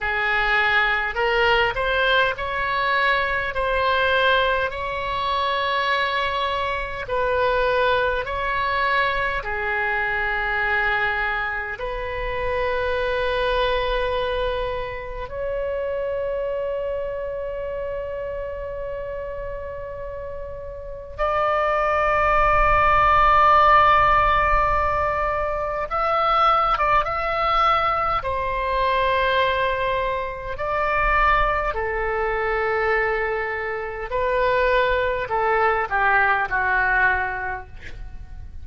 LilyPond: \new Staff \with { instrumentName = "oboe" } { \time 4/4 \tempo 4 = 51 gis'4 ais'8 c''8 cis''4 c''4 | cis''2 b'4 cis''4 | gis'2 b'2~ | b'4 cis''2.~ |
cis''2 d''2~ | d''2 e''8. d''16 e''4 | c''2 d''4 a'4~ | a'4 b'4 a'8 g'8 fis'4 | }